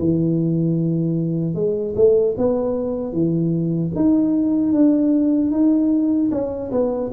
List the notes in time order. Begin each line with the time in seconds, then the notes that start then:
0.00 E3
1.55 G#3
1.96 A3
2.38 B3
3.13 E3
3.96 D#4
4.73 D4
5.52 D#4
6.32 C#4
6.72 B3